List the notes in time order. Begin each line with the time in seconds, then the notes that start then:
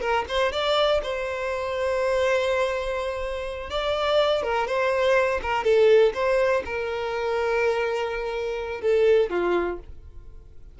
0.00 A#4
0.28 C5
0.51 D5
1.02 C5
3.70 D5
4.43 A#4
4.67 C5
5.42 A#4
5.64 A4
6.14 C5
6.65 A#4
8.81 A4
9.29 F4